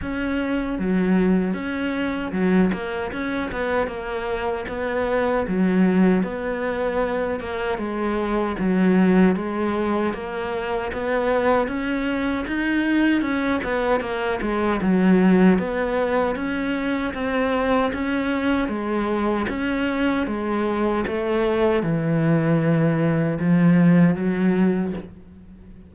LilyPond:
\new Staff \with { instrumentName = "cello" } { \time 4/4 \tempo 4 = 77 cis'4 fis4 cis'4 fis8 ais8 | cis'8 b8 ais4 b4 fis4 | b4. ais8 gis4 fis4 | gis4 ais4 b4 cis'4 |
dis'4 cis'8 b8 ais8 gis8 fis4 | b4 cis'4 c'4 cis'4 | gis4 cis'4 gis4 a4 | e2 f4 fis4 | }